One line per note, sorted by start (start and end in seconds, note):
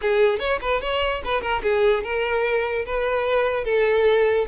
0.01 0.39 G#4
0.39 0.59 C#5
0.61 0.81 B4
0.81 1.22 C#5
1.24 1.41 B4
1.41 1.61 A#4
1.62 2.03 G#4
2.03 2.85 A#4
2.85 3.64 B4
3.64 4.45 A4